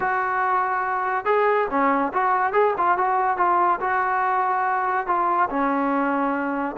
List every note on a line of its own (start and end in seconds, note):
0.00 1.25 F#4
1.25 1.67 G#4
1.70 2.12 C#4
2.13 2.53 F#4
2.53 2.74 G#4
2.77 2.97 F4
2.97 3.37 F#4
3.37 3.79 F4
3.80 5.06 F#4
5.06 5.49 F4
5.49 6.76 C#4